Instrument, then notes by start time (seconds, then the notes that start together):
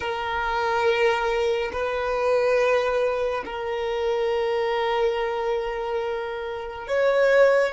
violin
0.00 A#4
1.72 B4
3.45 A#4
6.87 C#5